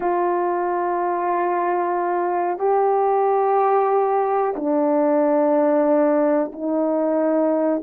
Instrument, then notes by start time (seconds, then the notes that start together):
horn
0.00 F4
2.58 G4
4.55 D4
6.52 D#4